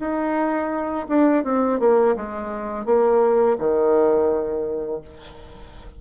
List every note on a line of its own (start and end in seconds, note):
0.00 1.07 D#4
1.09 1.44 D4
1.44 1.80 C4
1.80 2.16 A#3
2.16 2.86 G#3
2.86 3.57 A#3
3.58 5.01 D#3